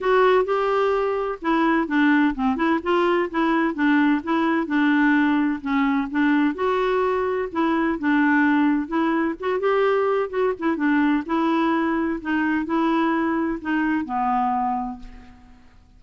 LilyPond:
\new Staff \with { instrumentName = "clarinet" } { \time 4/4 \tempo 4 = 128 fis'4 g'2 e'4 | d'4 c'8 e'8 f'4 e'4 | d'4 e'4 d'2 | cis'4 d'4 fis'2 |
e'4 d'2 e'4 | fis'8 g'4. fis'8 e'8 d'4 | e'2 dis'4 e'4~ | e'4 dis'4 b2 | }